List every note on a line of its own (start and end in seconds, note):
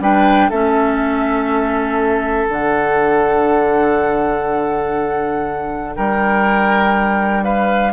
0.00 0.50 G3
0.00 0.51 D4
0.00 0.49 B4
0.00 0.50 G5
0.49 2.48 A3
0.49 2.50 C#4
0.49 5.95 A4
0.49 2.48 E5
2.48 5.95 D3
2.48 7.93 D4
2.48 5.95 F#5
5.95 7.93 G3
5.95 7.44 A#4
5.95 7.44 G5
7.44 7.93 B4
7.44 7.93 F5